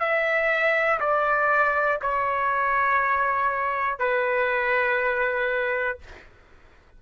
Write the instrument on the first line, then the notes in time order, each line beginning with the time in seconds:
trumpet
0.00 E5
1.00 D5
2.01 C#5
3.99 B4